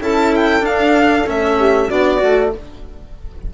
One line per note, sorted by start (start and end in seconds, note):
0.00 0.63 C#4
0.00 0.61 E4
0.00 1.57 A4
0.00 0.35 A5
0.36 0.66 G5
0.61 1.24 D4
0.61 1.29 D4
0.61 1.29 F5
1.26 1.91 A3
1.26 1.89 C#4
1.26 1.90 E5
1.57 1.89 G4
1.89 2.22 B3
1.89 2.19 D4
1.89 2.52 F#4
1.89 2.53 D5
2.19 2.54 A3
2.19 2.50 F#4